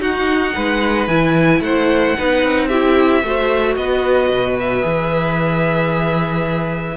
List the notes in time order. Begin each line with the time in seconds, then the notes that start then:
0.00 D#4 F#4 F#5
0.54 G#3 B4
1.08 E3 E4 G#5
1.61 A3 C5 F#5
2.18 B3 D#4 B4
2.44 C4
2.68 E4 G4 E5
3.23 A3 F#4 C5
3.76 B3 B4 D#5
4.30 B2
4.60 E5
4.81 E3 G#4